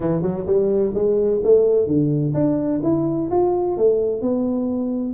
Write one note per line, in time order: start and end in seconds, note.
0.00 0.22 E3
0.22 0.45 F#3
0.46 0.93 G3
0.94 1.41 G#3
1.43 1.86 A3
1.86 2.33 D3
2.34 2.81 D4
2.83 3.30 E4
3.30 3.77 F4
3.77 4.21 A3
4.21 5.13 B3